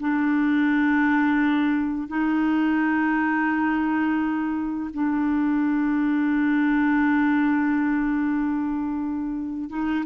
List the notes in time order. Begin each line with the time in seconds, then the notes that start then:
0.00 D4
2.08 D#4
4.94 D4
9.70 D#4